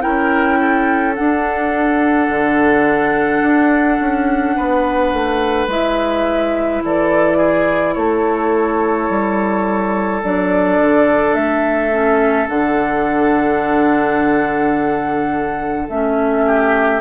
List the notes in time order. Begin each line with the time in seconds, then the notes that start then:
0.00 C#4 E4 A#4 G5
0.60 A4
1.15 D4 F#5
2.29 D3
3.42 D4
4.00 C#4
4.56 B3 B4
5.13 A3
5.67 G#3 E4 E5
6.84 E3 A4 D5
7.37 G#4
7.94 A3 A4 C#5
9.09 G3
10.23 F#3 D4 D5
10.81 D3
11.34 A3 E5
11.91 C#4
12.48 D3 D4 F#5
15.89 A3 C#4 E5
16.46 G4